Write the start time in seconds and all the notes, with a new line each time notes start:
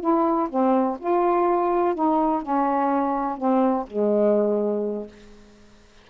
0.00 E4
0.49 C4
0.99 F4
1.94 D#4
2.42 C#4
3.37 C4
3.87 G#3